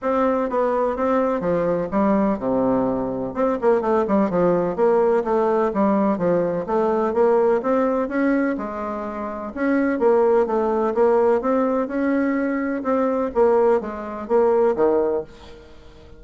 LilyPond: \new Staff \with { instrumentName = "bassoon" } { \time 4/4 \tempo 4 = 126 c'4 b4 c'4 f4 | g4 c2 c'8 ais8 | a8 g8 f4 ais4 a4 | g4 f4 a4 ais4 |
c'4 cis'4 gis2 | cis'4 ais4 a4 ais4 | c'4 cis'2 c'4 | ais4 gis4 ais4 dis4 | }